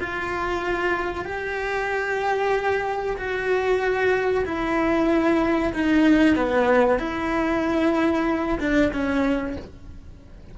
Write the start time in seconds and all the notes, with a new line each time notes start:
0.00 F4
1.25 G4
3.17 F#4
4.45 E4
5.73 D#4
6.35 B3
6.99 E4
8.60 D4
8.92 C#4